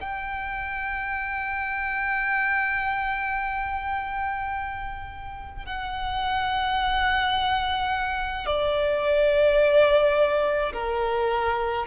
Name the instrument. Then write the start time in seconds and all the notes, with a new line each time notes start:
violin
0.00 G5
5.66 F#5
8.46 D5
10.73 A#4